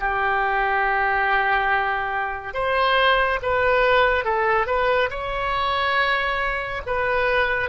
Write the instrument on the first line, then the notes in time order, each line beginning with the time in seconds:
oboe
0.00 G4
2.54 C5
3.43 B4
4.25 A4
4.67 B4
5.10 C#5
6.86 B4